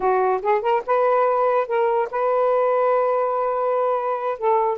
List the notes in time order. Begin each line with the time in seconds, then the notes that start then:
0.00 F#4
0.42 G#4
0.61 A#4
0.86 B4
1.67 A#4
2.10 B4
4.38 A4